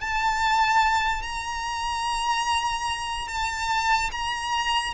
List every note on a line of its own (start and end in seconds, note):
0.00 1.22 A5
1.22 3.28 A#5
3.28 4.10 A5
4.11 4.94 A#5